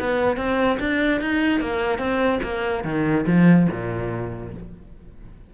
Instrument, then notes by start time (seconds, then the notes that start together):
cello
0.00 B3
0.37 C4
0.80 D4
1.21 D#4
1.61 A#3
1.99 C4
2.43 A#3
2.84 D#3
3.27 F3
3.72 A#2